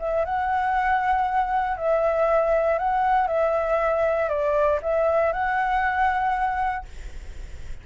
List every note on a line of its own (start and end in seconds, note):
0.00 0.25 E5
0.26 1.78 F#5
1.78 2.79 E5
2.79 3.28 F#5
3.28 4.29 E5
4.29 4.80 D5
4.83 5.33 E5
5.33 6.86 F#5